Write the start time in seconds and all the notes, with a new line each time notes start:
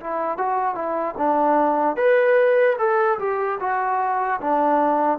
0.00 E4
0.37 F#4
0.75 E4
1.17 D4
1.96 B4
2.78 A4
3.19 G4
3.60 F#4
4.40 D4